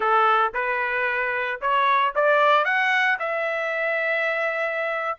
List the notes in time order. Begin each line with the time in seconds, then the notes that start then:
0.00 A4
0.54 B4
1.61 C#5
2.15 D5
2.64 F#5
3.19 E5